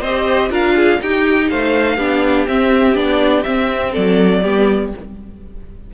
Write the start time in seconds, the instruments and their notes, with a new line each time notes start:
0.00 cello C4, viola G4, violin C5 D#5
0.50 cello D4, viola F4, violin A#4 F5
0.76 violin G#4
1.02 cello D#4, viola D#4, violin G4 G5
1.49 cello A3, violin C5 F5
1.96 cello B3, viola D4, violin G4
2.47 viola C4, cello C4, violin E5
2.94 cello B3, viola D4, violin D5
3.43 viola C4, cello C4, violin E5
3.92 cello F#3, violin A4 D5
4.42 cello G3, viola B3, violin G4